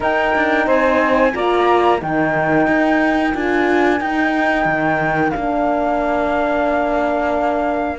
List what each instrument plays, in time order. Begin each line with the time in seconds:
0.00 horn D#4, cello D#4, saxophone A#4, flute G5
0.35 cello D4
0.66 cello C4, saxophone C5, flute G#5
1.33 cello A#3, horn F4, saxophone D5, flute A#5
1.98 cello D#3, horn D#4, saxophone A#4, flute G5
2.67 cello D#4
3.33 cello D4, horn F4, flute G#5
4.00 horn D#4, cello D#4, flute G5
4.65 cello D#3
5.30 cello A#3, horn D4, flute F5